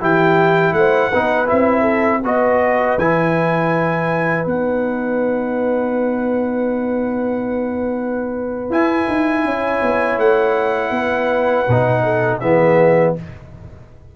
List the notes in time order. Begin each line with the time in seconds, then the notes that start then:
0.00 E3 E4 G4 G5
0.72 A3 C5 F#5
1.10 B3 D#4 B4
1.47 C4 E4 E5
1.81 A4
2.22 B3 F#4 B4 D#5
2.98 E3 E4 G#5
4.46 B3 D#4 F#5
8.70 E4 G#5
9.08 D#4
9.44 C#4 C#5
9.82 B3
10.18 A3 F#5
10.91 B3 B4
11.68 B2 D#4
12.03 A4
12.40 E3 B3 G#4 E5